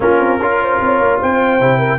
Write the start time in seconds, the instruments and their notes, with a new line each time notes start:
0.00 tuba A#3, trombone C#4, horn F4, trumpet A#4
0.20 tuba C4
0.39 tuba C#4, trombone F4, horn A#4
0.62 horn C5
0.80 tuba C4, horn C#5
1.00 tuba A#3
1.19 tuba C4, horn C5, trumpet G5
1.60 tuba C3, trombone E4
1.78 horn A#4